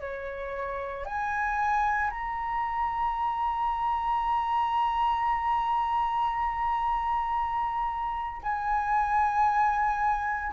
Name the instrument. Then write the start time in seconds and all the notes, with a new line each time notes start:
flute
0.00 C#5
1.05 G#5
2.11 A#5
8.42 G#5